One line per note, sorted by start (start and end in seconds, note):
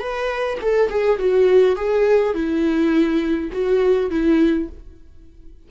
0.00 0.58 B4
0.62 0.90 A4
0.90 1.19 G#4
1.19 1.76 F#4
1.76 2.35 G#4
2.35 3.51 E4
3.52 4.11 F#4
4.11 4.69 E4